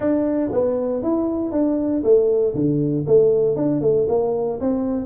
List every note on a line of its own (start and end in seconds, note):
0.00 0.50 D4
0.52 1.02 B3
1.02 1.51 E4
1.51 2.02 D4
2.03 2.54 A3
2.54 3.05 D3
3.06 3.56 A3
3.56 3.81 D4
3.81 4.06 A3
4.08 4.59 A#3
4.60 5.05 C4